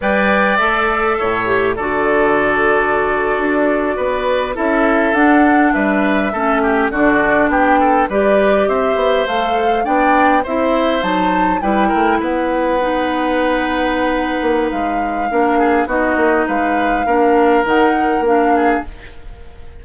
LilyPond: <<
  \new Staff \with { instrumentName = "flute" } { \time 4/4 \tempo 4 = 102 g''4 e''2 d''4~ | d''2.~ d''8. e''16~ | e''8. fis''4 e''2 d''16~ | d''8. g''4 d''4 e''4 f''16~ |
f''8. g''4 e''4 a''4 g''16~ | g''8. fis''2.~ fis''16~ | fis''4 f''2 dis''4 | f''2 fis''4 f''4 | }
  \new Staff \with { instrumentName = "oboe" } { \time 4/4 d''2 cis''4 a'4~ | a'2~ a'8. b'4 a'16~ | a'4.~ a'16 b'4 a'8 g'8 fis'16~ | fis'8. g'8 a'8 b'4 c''4~ c''16~ |
c''8. d''4 c''2 b'16~ | b'16 ais'8 b'2.~ b'16~ | b'2 ais'8 gis'8 fis'4 | b'4 ais'2~ ais'8 gis'8 | }
  \new Staff \with { instrumentName = "clarinet" } { \time 4/4 b'4 a'4. g'8 fis'4~ | fis'2.~ fis'8. e'16~ | e'8. d'2 cis'4 d'16~ | d'4.~ d'16 g'2 a'16~ |
a'8. d'4 e'4 dis'4 e'16~ | e'4.~ e'16 dis'2~ dis'16~ | dis'2 d'4 dis'4~ | dis'4 d'4 dis'4 d'4 | }
  \new Staff \with { instrumentName = "bassoon" } { \time 4/4 g4 a4 a,4 d4~ | d4.~ d16 d'4 b4 cis'16~ | cis'8. d'4 g4 a4 d16~ | d8. b4 g4 c'8 b8 a16~ |
a8. b4 c'4 fis4 g16~ | g16 a8 b2.~ b16~ | b8 ais8 gis4 ais4 b8 ais8 | gis4 ais4 dis4 ais4 | }
>>